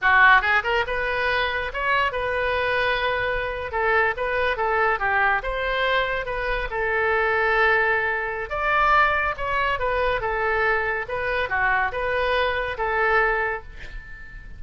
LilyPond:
\new Staff \with { instrumentName = "oboe" } { \time 4/4 \tempo 4 = 141 fis'4 gis'8 ais'8 b'2 | cis''4 b'2.~ | b'8. a'4 b'4 a'4 g'16~ | g'8. c''2 b'4 a'16~ |
a'1 | d''2 cis''4 b'4 | a'2 b'4 fis'4 | b'2 a'2 | }